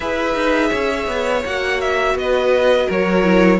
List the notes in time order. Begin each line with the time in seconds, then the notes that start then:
0.00 E4 G#4 B4 E5
0.34 D#4
0.69 C#4 C#5
1.07 B3
1.45 A#3 F#4 F#5
1.81 E5
2.14 B3 D#5
2.20 B4
2.86 F#3 A#4 C#5
3.23 E4